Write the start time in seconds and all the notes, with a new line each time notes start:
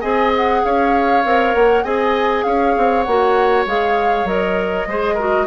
0.00 C4 G#4 D#5 G#5
0.36 F#5
0.64 C#4 C#5 F5
1.24 C4 A#4
1.54 A#3 F#5
1.83 C4 G#4 D#5 G#5
2.43 C#4 C#5 F5
2.77 C4
3.03 A#3 F#4 F#5
3.66 G#3 G#4 F5
4.24 F#3 A#4 D#5
4.86 G#3 G#4 C5
5.14 F#4 A#4